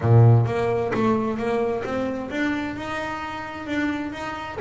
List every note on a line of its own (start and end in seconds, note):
0.01 0.46 A#2
0.46 0.91 A#3
0.93 1.37 A3
1.37 1.83 A#3
1.84 2.30 C4
2.30 2.75 D4
2.75 3.66 D#4
3.66 4.12 D4
4.12 4.58 D#4